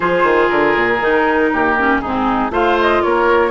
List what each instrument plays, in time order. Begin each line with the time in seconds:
0.00 bassoon F3, clarinet F4, oboe G#4, flute C5
0.23 bassoon D#3
0.49 bassoon D3, flute A#4
0.75 bassoon A#2
1.00 bassoon D#3, clarinet D#4
1.52 bassoon D#2, oboe G4
1.78 clarinet C#4
2.00 bassoon G#2, clarinet C4, oboe D#4, flute G#4
2.50 bassoon A3, clarinet F4, oboe C5, flute F5
2.80 flute D#5
3.02 bassoon A#3, oboe A#4, flute C#5